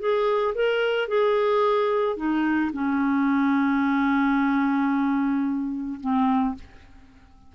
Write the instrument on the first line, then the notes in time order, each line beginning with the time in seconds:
clarinet
0.00 G#4
0.55 A#4
1.08 G#4
2.17 D#4
2.73 C#4
6.01 C4